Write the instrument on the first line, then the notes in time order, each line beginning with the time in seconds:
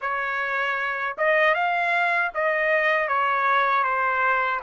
trumpet
0.01 C#5
1.17 D#5
1.54 F5
2.34 D#5
3.08 C#5
3.83 C5